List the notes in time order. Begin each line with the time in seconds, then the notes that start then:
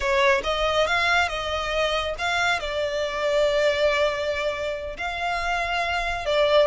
0.00 C#5
0.43 D#5
0.87 F5
1.28 D#5
2.18 F5
2.59 D5
4.97 F5
6.25 D5